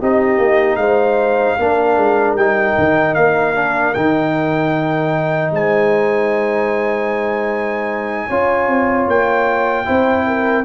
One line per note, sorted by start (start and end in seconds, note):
0.00 0.38 C4
0.00 1.60 D#4
0.00 0.79 G4
0.00 0.77 D#5
0.38 0.77 A#3
0.77 1.56 G#3
0.77 1.59 C5
0.77 2.35 F5
1.59 1.97 A#3
1.59 2.38 D4
1.59 5.54 A#4
1.97 2.35 G#3
2.35 2.74 G3
2.35 3.55 D#4
2.35 3.15 G5
2.79 3.17 D#3
3.15 3.96 A#3
3.15 3.94 F5
3.55 3.95 D4
3.94 5.51 D#3
3.94 8.30 D#4
3.94 5.52 G5
5.51 8.28 G#3
5.51 8.27 C5
5.51 9.10 G#5
8.27 8.68 C#4
8.27 9.86 F4
8.27 9.85 C#5
8.68 9.07 C4
9.08 9.87 A#3
9.08 10.65 G5
9.86 10.65 C4
9.86 10.64 E4
9.86 10.27 C5
10.27 10.65 A#4